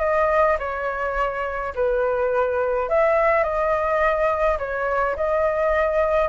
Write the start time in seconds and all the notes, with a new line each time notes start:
0.00 D#5
0.59 C#5
1.75 B4
2.89 E5
3.44 D#5
4.59 C#5
5.16 D#5